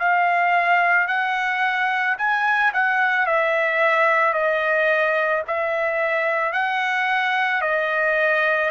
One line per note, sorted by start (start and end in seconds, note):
0.00 1.08 F5
1.08 2.17 F#5
2.18 2.73 G#5
2.74 3.27 F#5
3.27 4.34 E5
4.34 5.43 D#5
5.48 6.53 E5
6.53 7.62 F#5
7.62 8.71 D#5